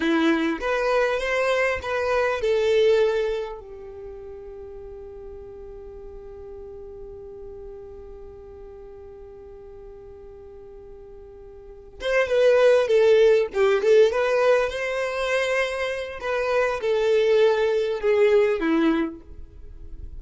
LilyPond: \new Staff \with { instrumentName = "violin" } { \time 4/4 \tempo 4 = 100 e'4 b'4 c''4 b'4 | a'2 g'2~ | g'1~ | g'1~ |
g'1 | c''8 b'4 a'4 g'8 a'8 b'8~ | b'8 c''2~ c''8 b'4 | a'2 gis'4 e'4 | }